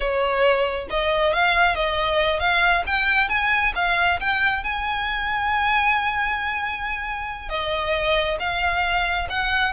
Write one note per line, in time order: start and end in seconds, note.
0.00 0.88 C#5
0.90 1.33 D#5
1.33 1.75 F5
1.75 2.39 D#5
2.39 2.83 F5
2.86 3.28 G5
3.28 3.73 G#5
3.75 4.19 F5
4.20 4.63 G5
4.63 7.49 G#5
7.49 8.37 D#5
8.39 9.27 F5
9.29 9.73 F#5